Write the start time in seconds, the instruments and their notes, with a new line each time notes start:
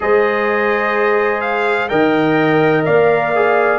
0.00 tuba G#3, trombone G#4, horn C5, trumpet D#5
1.40 trumpet F5
1.88 tuba D#3, trombone A#4, horn D#5, trumpet G5
2.85 tuba A#3, horn D5, trumpet F5
3.35 trombone G#4